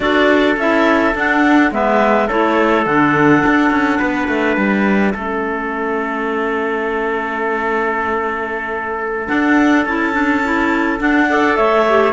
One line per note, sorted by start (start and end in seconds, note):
0.00 0.56 D4
0.00 0.55 F#4
0.00 1.73 A4
0.00 0.55 D5
0.57 1.14 C#4
0.57 1.13 E4
0.57 1.16 E5
1.13 1.70 D4
1.13 1.71 D4
1.13 1.72 F#5
1.71 2.28 G#3
1.71 2.28 B3
1.71 2.27 B4
1.71 2.29 E5
2.27 2.85 A3
2.27 2.85 E4
2.27 3.98 A4
2.27 2.85 C#5
2.85 3.43 D3
2.85 5.14 D4
2.85 4.57 F#5
3.45 3.70 D4
3.70 3.99 C#4
3.98 4.28 B3
3.98 5.12 B4
4.28 4.56 A3
4.56 5.13 G3
4.56 9.27 E5
5.13 9.28 A3
5.13 9.27 C#4
5.13 11.27 A4
9.27 9.85 D4
9.27 9.85 F#5
9.85 11.00 C#4
9.85 10.12 E4
9.85 10.99 A5
10.12 10.41 D4
10.44 10.98 E4
10.98 11.27 D4
10.98 11.57 D4
10.98 11.55 F#5
11.29 11.86 A4
11.29 11.57 D5
11.55 12.12 A3
11.55 12.12 C#5
11.55 12.12 E5
11.88 12.12 G4